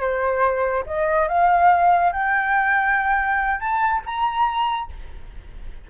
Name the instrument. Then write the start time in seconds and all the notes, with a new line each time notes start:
flute
0.00 C5
0.86 D#5
1.28 F5
2.13 G5
3.60 A5
4.05 A#5